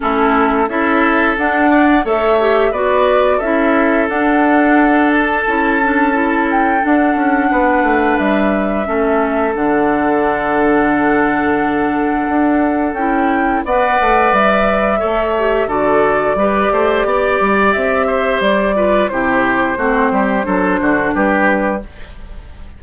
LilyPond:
<<
  \new Staff \with { instrumentName = "flute" } { \time 4/4 \tempo 4 = 88 a'4 e''4 fis''4 e''4 | d''4 e''4 fis''4. a''8~ | a''4. g''8 fis''2 | e''2 fis''2~ |
fis''2. g''4 | fis''4 e''2 d''4~ | d''2 e''4 d''4 | c''2. b'4 | }
  \new Staff \with { instrumentName = "oboe" } { \time 4/4 e'4 a'4. d''8 cis''4 | b'4 a'2.~ | a'2. b'4~ | b'4 a'2.~ |
a'1 | d''2 cis''4 a'4 | b'8 c''8 d''4. c''4 b'8 | g'4 fis'8 g'8 a'8 fis'8 g'4 | }
  \new Staff \with { instrumentName = "clarinet" } { \time 4/4 cis'4 e'4 d'4 a'8 g'8 | fis'4 e'4 d'2 | e'8 d'8 e'4 d'2~ | d'4 cis'4 d'2~ |
d'2. e'4 | b'2 a'8 g'8 fis'4 | g'2.~ g'8 f'8 | e'4 c'4 d'2 | }
  \new Staff \with { instrumentName = "bassoon" } { \time 4/4 a4 cis'4 d'4 a4 | b4 cis'4 d'2 | cis'2 d'8 cis'8 b8 a8 | g4 a4 d2~ |
d2 d'4 cis'4 | b8 a8 g4 a4 d4 | g8 a8 b8 g8 c'4 g4 | c4 a8 g8 fis8 d8 g4 | }
>>